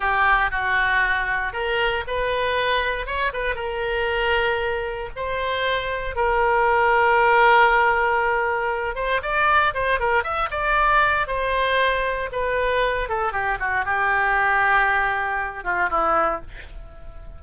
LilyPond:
\new Staff \with { instrumentName = "oboe" } { \time 4/4 \tempo 4 = 117 g'4 fis'2 ais'4 | b'2 cis''8 b'8 ais'4~ | ais'2 c''2 | ais'1~ |
ais'4. c''8 d''4 c''8 ais'8 | e''8 d''4. c''2 | b'4. a'8 g'8 fis'8 g'4~ | g'2~ g'8 f'8 e'4 | }